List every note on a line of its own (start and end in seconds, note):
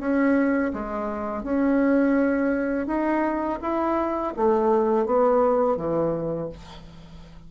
0.00 0.72 C#4
0.74 1.44 G#3
1.44 2.87 C#4
2.87 3.59 D#4
3.62 4.34 E4
4.37 5.06 A3
5.06 5.77 B3
5.77 6.50 E3